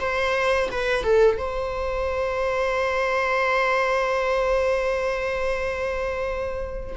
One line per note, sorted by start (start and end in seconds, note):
0.00 0.70 C5
0.72 1.04 B4
1.04 1.38 A4
1.38 6.96 C5